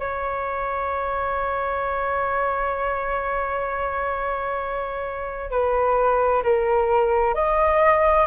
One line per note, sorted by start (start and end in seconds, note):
0.00 5.51 C#5
5.51 6.43 B4
6.44 7.35 A#4
7.35 8.27 D#5